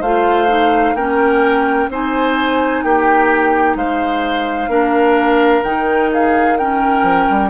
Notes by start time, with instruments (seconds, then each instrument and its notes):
0.00 bassoon A3, clarinet F4, oboe C5, flute F5
0.48 clarinet D#4
0.94 bassoon A#3, clarinet C#4, oboe A#4, flute G5
1.89 bassoon C4, clarinet D#4, oboe C5, flute G#5
2.83 bassoon A#3, oboe G4, flute G5
3.75 bassoon G#3, oboe C5, flute F5
4.67 bassoon A#3, clarinet D4, oboe A#4
5.63 bassoon D#3, clarinet D#4, flute G5
6.12 oboe G#4, flute F5
6.57 clarinet C#4, oboe A#4, flute G5
7.02 bassoon F3
7.30 bassoon G3